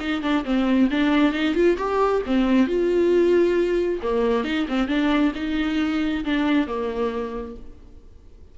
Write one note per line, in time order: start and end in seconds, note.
0.00 0.22 D#4
0.22 0.44 D4
0.45 0.89 C4
0.91 1.33 D4
1.33 1.55 D#4
1.55 1.77 F4
1.78 2.22 G4
2.26 2.67 C4
2.67 4.00 F4
4.03 4.44 A#3
4.44 4.67 D#4
4.68 4.88 C4
4.88 5.32 D4
5.35 6.24 D#4
6.25 6.67 D4
6.67 7.56 A#3